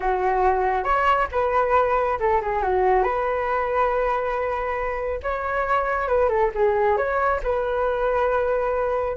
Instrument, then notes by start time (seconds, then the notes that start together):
flute
0.00 F#4
0.84 C#5
1.31 B4
2.19 A4
2.41 G#4
2.62 F#4
3.03 B4
5.22 C#5
6.08 B4
6.28 A4
6.54 G#4
6.97 C#5
7.43 B4